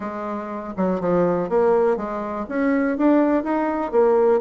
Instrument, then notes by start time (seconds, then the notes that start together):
bassoon
0.00 G#3
0.76 F#3
1.00 F3
1.49 A#3
1.96 G#3
2.48 C#4
2.97 D4
3.43 D#4
3.91 A#3